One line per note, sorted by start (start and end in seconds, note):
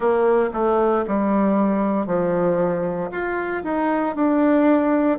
0.00 0.49 A#3
0.53 1.04 A3
1.07 2.06 G3
2.06 3.09 F3
3.11 3.63 F4
3.63 4.15 D#4
4.15 5.19 D4